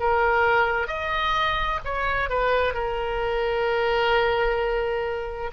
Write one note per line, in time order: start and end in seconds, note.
0.00 0.88 A#4
0.88 1.80 D#5
1.85 2.30 C#5
2.30 2.74 B4
2.74 5.51 A#4